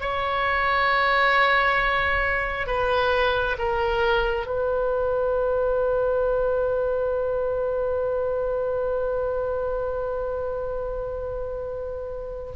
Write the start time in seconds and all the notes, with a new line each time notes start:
0.00 C#5
2.66 B4
3.58 A#4
4.46 B4